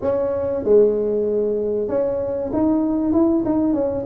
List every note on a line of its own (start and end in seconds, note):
0.01 0.64 C#4
0.64 1.88 G#3
1.88 2.51 C#4
2.52 3.12 D#4
3.12 3.43 E4
3.45 3.73 D#4
3.73 4.04 C#4